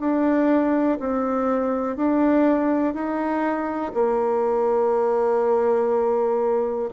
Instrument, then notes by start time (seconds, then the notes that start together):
bassoon
0.00 D4
1.00 C4
1.96 D4
2.94 D#4
3.94 A#3